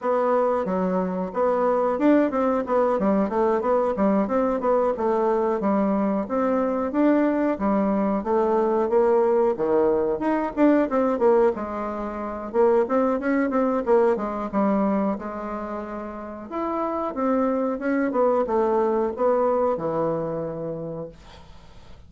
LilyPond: \new Staff \with { instrumentName = "bassoon" } { \time 4/4 \tempo 4 = 91 b4 fis4 b4 d'8 c'8 | b8 g8 a8 b8 g8 c'8 b8 a8~ | a8 g4 c'4 d'4 g8~ | g8 a4 ais4 dis4 dis'8 |
d'8 c'8 ais8 gis4. ais8 c'8 | cis'8 c'8 ais8 gis8 g4 gis4~ | gis4 e'4 c'4 cis'8 b8 | a4 b4 e2 | }